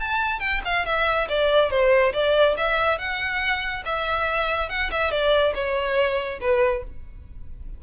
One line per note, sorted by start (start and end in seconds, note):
0.00 0.40 A5
0.40 0.61 G5
0.65 0.86 F5
0.86 1.28 E5
1.29 1.71 D5
1.71 2.13 C5
2.14 2.56 D5
2.57 2.98 E5
2.98 3.84 F#5
3.86 4.69 E5
4.69 4.91 F#5
4.91 5.11 E5
5.11 5.54 D5
5.55 6.40 C#5
6.41 6.84 B4